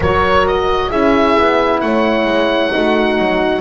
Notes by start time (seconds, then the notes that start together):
0.00 F#3 F#4 A#4 C#5
0.47 D#5
0.89 C#4 E4 G#4 E5
1.37 B3
1.80 A3 C#5 F#5
2.24 G#3
2.70 A3 D#4 F#4
3.18 F#3